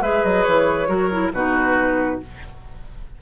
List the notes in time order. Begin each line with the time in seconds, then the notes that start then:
0.00 G#3 G#4 B4 E5
0.23 F#3 D#5
0.43 E3 C#5
0.87 F#3 F#4 A#4
1.11 E4
1.32 B2 D#4 F#4 B4